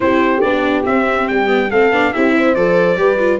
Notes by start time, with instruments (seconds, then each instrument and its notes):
0.00 tuba C4, viola E4, horn G4, trumpet C5
0.41 tuba B3, viola D4, trumpet D5
0.83 viola C4, tuba C4, trumpet E5
1.28 tuba G3, trumpet G5
1.46 viola B3
1.69 tuba A3, viola C4, horn A4, trumpet F5
1.91 tuba B3, viola D4
2.13 tuba C4, viola E4, horn G4, trumpet E5
2.36 horn C5
2.55 tuba F3, viola A4, trumpet D5
2.96 tuba G3, viola G4, horn B4
3.18 viola F4